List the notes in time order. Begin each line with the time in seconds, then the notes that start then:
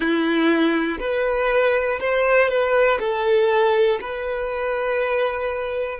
0.00 E4
0.99 B4
2.00 C5
2.48 B4
2.99 A4
4.00 B4